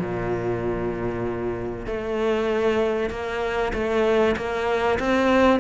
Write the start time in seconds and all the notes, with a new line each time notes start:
0.00 A#2
1.87 A3
3.11 A#3
3.74 A3
4.37 A#3
5.00 C4